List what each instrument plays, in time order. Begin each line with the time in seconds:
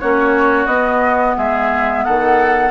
0.00 bassoon A#3, clarinet C#4, oboe F#4, flute C#5
0.66 bassoon B3, clarinet B3, flute D#5
1.37 bassoon G#3, oboe G#4, flute E5
2.04 bassoon D#3, oboe A4, flute F#5